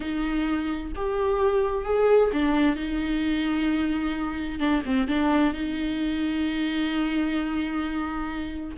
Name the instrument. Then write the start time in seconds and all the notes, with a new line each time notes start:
viola
0.00 D#4
0.95 G4
1.84 G#4
2.32 D4
2.76 D#4
4.59 D4
4.85 C4
5.07 D4
5.53 D#4